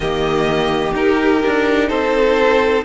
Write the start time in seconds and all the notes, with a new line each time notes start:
0.00 D#3 A#3 G4 D#5
0.93 D#4 A#4
1.45 D4
1.88 C4 A4 C5